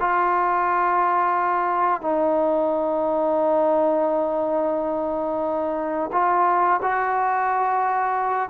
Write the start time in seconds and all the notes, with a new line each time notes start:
0.00 F4
2.02 D#4
6.13 F4
6.82 F#4